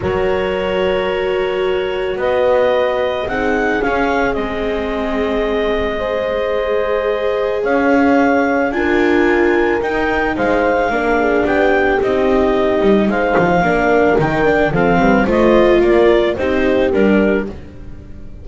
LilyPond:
<<
  \new Staff \with { instrumentName = "clarinet" } { \time 4/4 \tempo 4 = 110 cis''1 | dis''2 fis''4 f''4 | dis''1~ | dis''2 f''2 |
gis''2 g''4 f''4~ | f''4 g''4 dis''2 | f''2 g''4 f''4 | dis''4 d''4 c''4 ais'4 | }
  \new Staff \with { instrumentName = "horn" } { \time 4/4 ais'1 | b'2 gis'2~ | gis'2. c''4~ | c''2 cis''2 |
ais'2. c''4 | ais'8 gis'8 g'2. | c''4 ais'2 a'8 b'8 | c''4 ais'4 g'2 | }
  \new Staff \with { instrumentName = "viola" } { \time 4/4 fis'1~ | fis'2 dis'4 cis'4 | c'2. gis'4~ | gis'1 |
f'2 dis'2 | d'2 dis'2~ | dis'4 d'4 dis'8 d'8 c'4 | f'2 dis'4 d'4 | }
  \new Staff \with { instrumentName = "double bass" } { \time 4/4 fis1 | b2 c'4 cis'4 | gis1~ | gis2 cis'2 |
d'2 dis'4 gis4 | ais4 b4 c'4. g8 | gis8 f8 ais4 dis4 f8 g8 | a4 ais4 c'4 g4 | }
>>